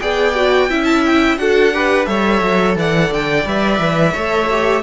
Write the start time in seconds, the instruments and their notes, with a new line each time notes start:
0.00 cello B3, viola G#4, violin D5 G5
0.35 viola F#4
0.69 cello C#4, viola E4, violin E5
0.84 violin A5
1.05 violin G5
1.37 cello D4, viola F#4, violin A4 F#5
1.73 viola G4, violin B4
2.05 cello G3, viola A4, violin C#5 E5
2.41 cello F#3
2.76 cello E3, violin D5 F#5
3.11 cello D3, violin G5
3.45 cello G3, viola B4, violin E5
3.79 cello E3
4.13 cello A3, viola A4, violin C#5
4.51 viola G4